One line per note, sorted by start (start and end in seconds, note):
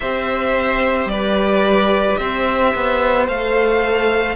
0.00 1.05 C4
0.00 3.28 G4
0.00 1.10 C5
0.00 1.08 E5
1.05 2.14 G3
1.05 2.19 B4
1.05 2.16 D5
2.16 2.74 C4
2.16 4.35 C5
2.16 3.25 E5
2.74 3.28 B3
3.27 4.35 A3
3.27 4.35 A4
3.27 4.35 F5